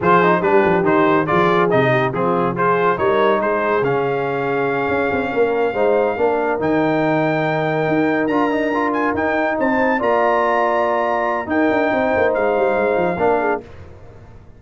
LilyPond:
<<
  \new Staff \with { instrumentName = "trumpet" } { \time 4/4 \tempo 4 = 141 c''4 b'4 c''4 d''4 | dis''4 gis'4 c''4 cis''4 | c''4 f''2.~ | f''2.~ f''8 g''8~ |
g''2.~ g''8 ais''8~ | ais''4 gis''8 g''4 a''4 ais''8~ | ais''2. g''4~ | g''4 f''2. | }
  \new Staff \with { instrumentName = "horn" } { \time 4/4 gis'4 g'2 gis'4~ | gis'8 g'8 f'4 gis'4 ais'4 | gis'1~ | gis'8 ais'4 c''4 ais'4.~ |
ais'1~ | ais'2~ ais'8 c''4 d''8~ | d''2. ais'4 | c''2. ais'8 gis'8 | }
  \new Staff \with { instrumentName = "trombone" } { \time 4/4 f'8 dis'8 d'4 dis'4 f'4 | dis'4 c'4 f'4 dis'4~ | dis'4 cis'2.~ | cis'4. dis'4 d'4 dis'8~ |
dis'2.~ dis'8 f'8 | dis'8 f'4 dis'2 f'8~ | f'2. dis'4~ | dis'2. d'4 | }
  \new Staff \with { instrumentName = "tuba" } { \time 4/4 f4 g8 f8 dis4 f4 | c4 f2 g4 | gis4 cis2~ cis8 cis'8 | c'8 ais4 gis4 ais4 dis8~ |
dis2~ dis8 dis'4 d'8~ | d'4. dis'4 c'4 ais8~ | ais2. dis'8 d'8 | c'8 ais8 gis8 g8 gis8 f8 ais4 | }
>>